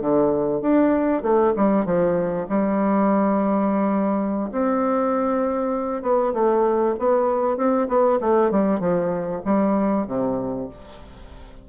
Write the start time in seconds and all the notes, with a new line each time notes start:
0.00 D3
0.61 D4
1.22 A3
1.56 G3
1.85 F3
2.49 G3
4.52 C4
6.02 B3
6.33 A3
6.99 B3
7.57 C4
7.88 B3
8.20 A3
8.51 G3
8.79 F3
9.45 G3
10.07 C3